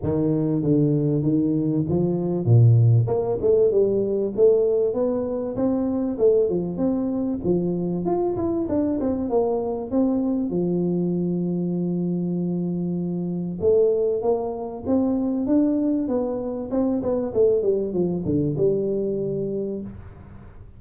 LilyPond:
\new Staff \with { instrumentName = "tuba" } { \time 4/4 \tempo 4 = 97 dis4 d4 dis4 f4 | ais,4 ais8 a8 g4 a4 | b4 c'4 a8 f8 c'4 | f4 f'8 e'8 d'8 c'8 ais4 |
c'4 f2.~ | f2 a4 ais4 | c'4 d'4 b4 c'8 b8 | a8 g8 f8 d8 g2 | }